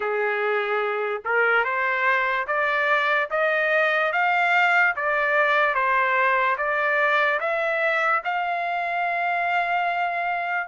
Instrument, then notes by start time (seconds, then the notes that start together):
trumpet
0.00 G#4
1.24 A#4
1.64 C5
2.47 D5
3.30 D#5
4.12 F5
4.95 D5
5.74 C5
6.57 D5
7.40 E5
8.24 F5